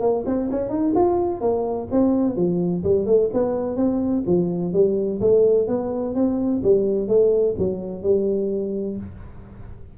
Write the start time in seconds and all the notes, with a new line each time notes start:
0.00 A#3
0.26 C4
0.50 C#4
0.69 D#4
0.95 F4
1.40 A#3
1.91 C4
2.36 F3
2.83 G3
3.06 A3
3.33 B3
3.76 C4
4.26 F3
4.73 G3
5.21 A3
5.67 B3
6.14 C4
6.63 G3
7.08 A3
7.58 F#3
8.02 G3